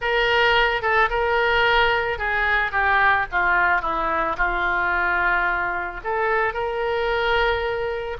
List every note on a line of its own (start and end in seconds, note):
0.01 0.82 A#4
0.82 1.09 A4
1.10 2.18 A#4
2.18 2.71 G#4
2.71 3.26 G4
3.31 3.81 F4
3.81 4.36 E4
4.37 6.00 F4
6.03 6.53 A4
6.53 8.17 A#4